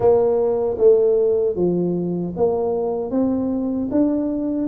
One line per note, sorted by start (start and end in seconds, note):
0.00 0.77 A#3
0.78 1.55 A3
1.55 2.33 F3
2.36 3.11 A#3
3.11 3.89 C4
3.91 4.67 D4